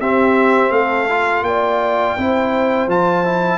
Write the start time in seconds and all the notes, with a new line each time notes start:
0.00 C4 G4 E5
0.71 A3 A4 F5
1.09 F4
1.42 A#3 D5 G5
2.17 C4 E4 C5
2.87 F3 F4 A5
3.24 E4